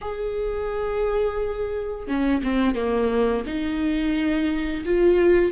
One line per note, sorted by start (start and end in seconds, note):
0.01 2.07 G#4
2.07 2.41 C#4
2.42 2.75 C4
2.75 3.44 A#3
3.46 4.84 D#4
4.85 5.52 F4